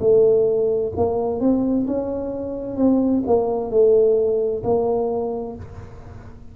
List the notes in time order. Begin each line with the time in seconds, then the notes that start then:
0.00 A3
0.97 A#3
1.41 C4
1.88 C#4
2.77 C4
3.27 A#3
3.71 A3
4.64 A#3